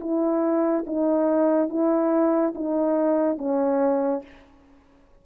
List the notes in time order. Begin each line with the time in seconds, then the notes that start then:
0.00 E4
0.86 D#4
1.69 E4
2.55 D#4
3.38 C#4